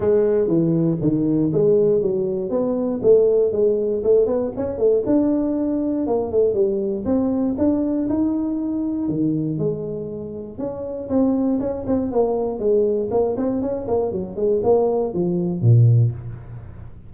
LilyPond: \new Staff \with { instrumentName = "tuba" } { \time 4/4 \tempo 4 = 119 gis4 e4 dis4 gis4 | fis4 b4 a4 gis4 | a8 b8 cis'8 a8 d'2 | ais8 a8 g4 c'4 d'4 |
dis'2 dis4 gis4~ | gis4 cis'4 c'4 cis'8 c'8 | ais4 gis4 ais8 c'8 cis'8 ais8 | fis8 gis8 ais4 f4 ais,4 | }